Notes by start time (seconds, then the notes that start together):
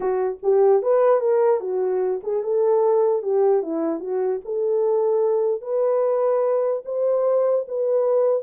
0.00 F#4
0.42 G4
0.82 B4
1.20 A#4
1.60 F#4
2.23 G#4
2.43 A4
3.22 G4
3.62 E4
4.00 F#4
4.44 A4
5.61 B4
6.85 C5
7.68 B4